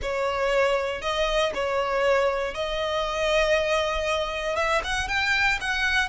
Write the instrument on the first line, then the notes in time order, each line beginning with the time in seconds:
violin
0.02 C#5
1.01 D#5
1.54 C#5
2.54 D#5
4.56 E5
4.84 F#5
5.08 G5
5.60 F#5